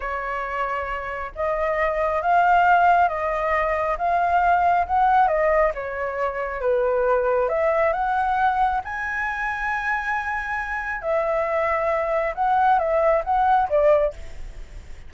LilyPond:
\new Staff \with { instrumentName = "flute" } { \time 4/4 \tempo 4 = 136 cis''2. dis''4~ | dis''4 f''2 dis''4~ | dis''4 f''2 fis''4 | dis''4 cis''2 b'4~ |
b'4 e''4 fis''2 | gis''1~ | gis''4 e''2. | fis''4 e''4 fis''4 d''4 | }